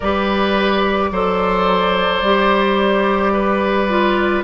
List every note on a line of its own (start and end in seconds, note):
0.00 1.11 G3
0.00 1.12 G4
0.00 1.10 B4
0.00 4.43 D5
1.11 2.22 F#3
1.11 2.23 A4
1.11 3.33 C5
2.22 4.43 G3
2.22 3.89 G4
3.33 4.43 B4
3.89 4.43 F4